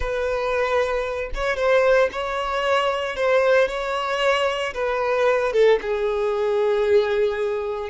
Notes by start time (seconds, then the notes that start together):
0.00 B4
1.34 C#5
1.56 C5
2.12 C#5
3.16 C5
3.68 C#5
4.74 B4
5.52 A4
5.81 G#4